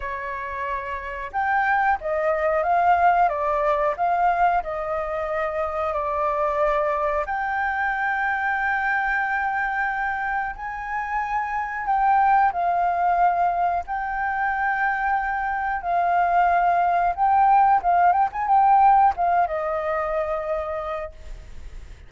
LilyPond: \new Staff \with { instrumentName = "flute" } { \time 4/4 \tempo 4 = 91 cis''2 g''4 dis''4 | f''4 d''4 f''4 dis''4~ | dis''4 d''2 g''4~ | g''1 |
gis''2 g''4 f''4~ | f''4 g''2. | f''2 g''4 f''8 g''16 gis''16 | g''4 f''8 dis''2~ dis''8 | }